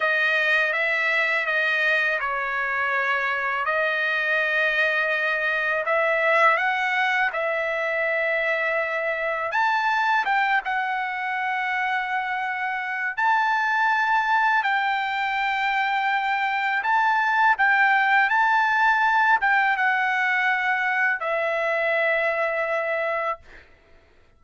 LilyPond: \new Staff \with { instrumentName = "trumpet" } { \time 4/4 \tempo 4 = 82 dis''4 e''4 dis''4 cis''4~ | cis''4 dis''2. | e''4 fis''4 e''2~ | e''4 a''4 g''8 fis''4.~ |
fis''2 a''2 | g''2. a''4 | g''4 a''4. g''8 fis''4~ | fis''4 e''2. | }